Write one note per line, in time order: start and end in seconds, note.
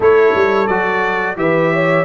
0.00 0.33 A3
0.00 0.67 E4
0.00 1.38 A4
0.00 0.67 C#5
0.35 0.68 G3
0.67 1.36 F#3
0.67 1.36 F#4
0.67 1.36 D5
1.36 2.04 E3
1.36 2.04 G4
1.36 1.73 B4
1.36 2.04 E5
1.73 2.04 C#5